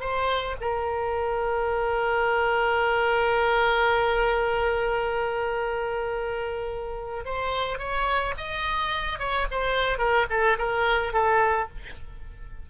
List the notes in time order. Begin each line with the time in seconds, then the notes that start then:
0.00 C5
0.60 A#4
7.24 C5
7.79 C#5
8.37 D#5
9.19 C#5
9.51 C5
9.98 A#4
10.30 A4
10.58 A#4
11.13 A4